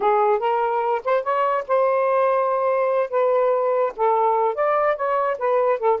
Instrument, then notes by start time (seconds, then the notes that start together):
saxophone
0.00 G#4
0.39 A#4
1.04 C5
1.23 C#5
1.67 C5
3.10 B4
3.96 A4
4.54 D5
4.95 C#5
5.38 B4
5.79 A4